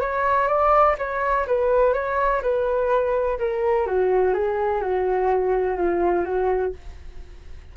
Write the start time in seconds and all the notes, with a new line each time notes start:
0.00 C#5
0.48 D5
0.98 C#5
1.47 B4
1.93 C#5
2.42 B4
3.39 A#4
3.87 F#4
4.34 G#4
4.81 F#4
5.77 F4
6.25 F#4